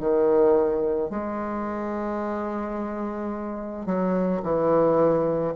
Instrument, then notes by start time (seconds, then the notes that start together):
bassoon
0.00 D#3
1.10 G#3
3.86 F#3
4.42 E3